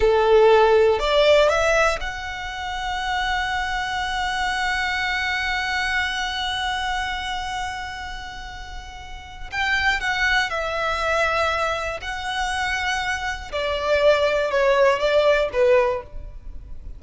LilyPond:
\new Staff \with { instrumentName = "violin" } { \time 4/4 \tempo 4 = 120 a'2 d''4 e''4 | fis''1~ | fis''1~ | fis''1~ |
fis''2. g''4 | fis''4 e''2. | fis''2. d''4~ | d''4 cis''4 d''4 b'4 | }